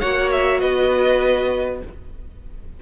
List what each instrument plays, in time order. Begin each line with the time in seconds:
0.00 cello A#3, viola F#4, violin C#5 F#5
0.31 violin E5
0.60 cello B3, violin B4 D#5